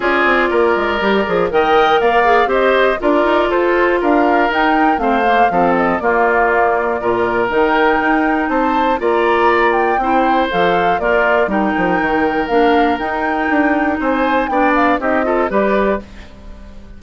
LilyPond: <<
  \new Staff \with { instrumentName = "flute" } { \time 4/4 \tempo 4 = 120 d''2. g''4 | f''4 dis''4 d''4 c''4 | f''4 g''4 f''4. dis''8 | d''2. g''4~ |
g''4 a''4 ais''4. g''8~ | g''4 f''4 d''4 g''4~ | g''4 f''4 g''2 | gis''4 g''8 f''8 dis''4 d''4 | }
  \new Staff \with { instrumentName = "oboe" } { \time 4/4 gis'4 ais'2 dis''4 | d''4 c''4 ais'4 a'4 | ais'2 c''4 a'4 | f'2 ais'2~ |
ais'4 c''4 d''2 | c''2 f'4 ais'4~ | ais'1 | c''4 d''4 g'8 a'8 b'4 | }
  \new Staff \with { instrumentName = "clarinet" } { \time 4/4 f'2 g'8 gis'8 ais'4~ | ais'8 gis'8 g'4 f'2~ | f'4 dis'4 c'8 ais8 c'4 | ais2 f'4 dis'4~ |
dis'2 f'2 | e'4 a'4 ais'4 dis'4~ | dis'4 d'4 dis'2~ | dis'4 d'4 dis'8 f'8 g'4 | }
  \new Staff \with { instrumentName = "bassoon" } { \time 4/4 cis'8 c'8 ais8 gis8 g8 f8 dis4 | ais4 c'4 d'8 dis'8 f'4 | d'4 dis'4 a4 f4 | ais2 ais,4 dis4 |
dis'4 c'4 ais2 | c'4 f4 ais4 g8 f8 | dis4 ais4 dis'4 d'4 | c'4 b4 c'4 g4 | }
>>